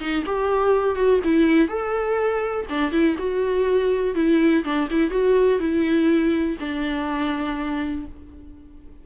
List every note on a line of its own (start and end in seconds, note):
0.00 0.24 D#4
0.26 0.96 G4
0.96 1.20 F#4
1.24 1.68 E4
1.68 2.66 A4
2.69 2.92 D4
2.92 3.16 E4
3.18 4.15 F#4
4.15 4.64 E4
4.64 4.88 D4
4.91 5.10 E4
5.10 5.59 F#4
5.59 6.57 E4
6.60 8.06 D4